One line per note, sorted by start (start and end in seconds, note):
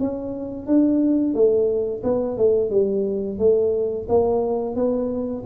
0.00 0.67 C#4
0.67 1.35 D4
1.35 2.03 A3
2.04 2.38 B3
2.38 2.71 A3
2.71 3.39 G3
3.39 4.07 A3
4.09 4.76 A#3
4.76 5.44 B3